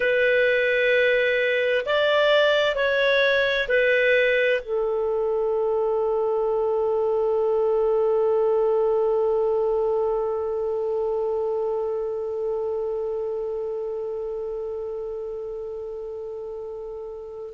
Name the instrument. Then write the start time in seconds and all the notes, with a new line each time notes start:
clarinet
0.00 B4
1.85 D5
2.75 C#5
3.68 B4
4.62 A4